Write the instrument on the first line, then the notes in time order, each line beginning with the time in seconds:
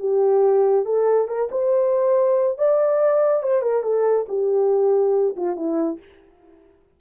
horn
0.00 G4
0.86 A4
1.28 A#4
1.52 C5
2.59 D5
3.43 C5
3.63 A#4
3.83 A4
4.29 G4
5.37 F4
5.56 E4